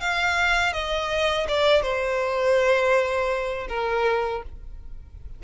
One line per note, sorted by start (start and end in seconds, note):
0.00 0.73 F5
0.73 1.47 D#5
1.48 1.82 D5
1.82 3.67 C5
3.69 4.43 A#4